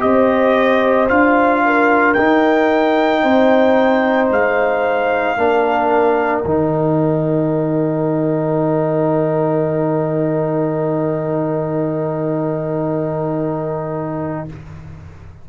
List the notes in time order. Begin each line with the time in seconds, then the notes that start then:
0.00 C4 G4 C5 D#5
1.09 D4 F4 F5
1.66 A#4
2.14 D#4 G5
3.23 C4 C5
4.31 G#3 F5
5.37 A#3 D4 A#4
6.41 D#3 D#4 G5